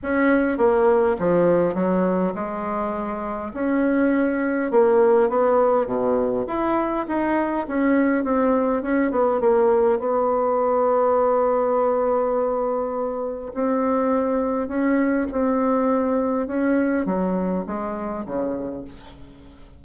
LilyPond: \new Staff \with { instrumentName = "bassoon" } { \time 4/4 \tempo 4 = 102 cis'4 ais4 f4 fis4 | gis2 cis'2 | ais4 b4 b,4 e'4 | dis'4 cis'4 c'4 cis'8 b8 |
ais4 b2.~ | b2. c'4~ | c'4 cis'4 c'2 | cis'4 fis4 gis4 cis4 | }